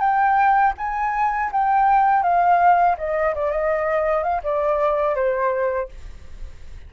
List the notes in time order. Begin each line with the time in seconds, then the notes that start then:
0.00 G5
0.77 G#5
1.52 G5
2.23 F5
2.97 D#5
3.35 D5
3.51 D#5
4.23 F5
4.43 D5
5.15 C5